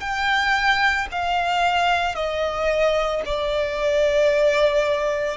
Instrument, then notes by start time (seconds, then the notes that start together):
violin
0.00 G5
1.12 F5
2.15 D#5
3.25 D5